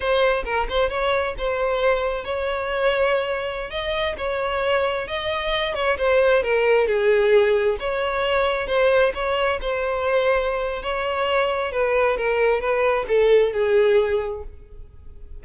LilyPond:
\new Staff \with { instrumentName = "violin" } { \time 4/4 \tempo 4 = 133 c''4 ais'8 c''8 cis''4 c''4~ | c''4 cis''2.~ | cis''16 dis''4 cis''2 dis''8.~ | dis''8. cis''8 c''4 ais'4 gis'8.~ |
gis'4~ gis'16 cis''2 c''8.~ | c''16 cis''4 c''2~ c''8. | cis''2 b'4 ais'4 | b'4 a'4 gis'2 | }